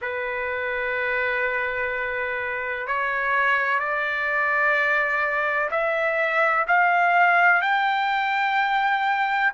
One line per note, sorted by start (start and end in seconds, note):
0.01 2.87 B4
2.87 3.79 C#5
3.79 5.69 D5
5.71 6.66 E5
6.67 7.61 F5
7.61 9.52 G5